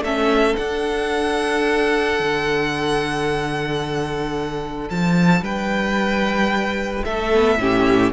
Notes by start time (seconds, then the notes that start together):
0.00 A3 C#4 A4 E5
0.56 D4 F#5
2.20 D3
4.90 F3 A5
5.41 G3 B4 G5
7.05 A3 A4 E5
7.34 B3
7.58 A2 C#4 G4